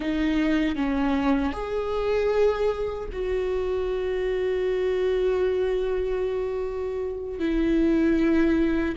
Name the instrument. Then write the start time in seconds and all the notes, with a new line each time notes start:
viola
0.00 D#4
0.75 C#4
1.53 G#4
3.12 F#4
7.39 E4